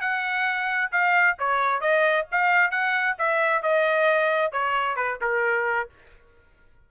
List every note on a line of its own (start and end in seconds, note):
0.00 0.90 F#5
0.91 1.37 F5
1.38 1.80 C#5
1.80 2.26 D#5
2.31 2.71 F5
2.71 3.16 F#5
3.18 3.62 E5
3.62 4.52 D#5
4.52 4.96 C#5
4.96 5.18 B4
5.21 5.89 A#4